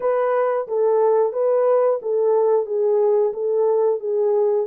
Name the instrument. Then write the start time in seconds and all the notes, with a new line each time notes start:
horn
0.00 B4
0.67 A4
1.32 B4
2.02 A4
2.66 G#4
3.33 A4
3.99 G#4